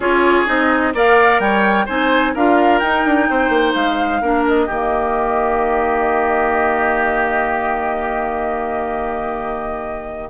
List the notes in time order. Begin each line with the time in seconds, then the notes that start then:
0.00 C#4 F4 G#4 C#5
0.46 C4 D#4 D#5
0.94 A#3 A#4 D5 F5
1.39 G3 C#5 G5
1.85 C4 D#4 C5 G#5
2.33 D4 F4 A#4 F5
2.78 D#4 G5
3.05 D4
3.29 C4 C5
3.49 A#3
3.74 G#3 F5
4.21 A#3 D4 A#4
4.47 D#5
4.66 D#3 A#3 G4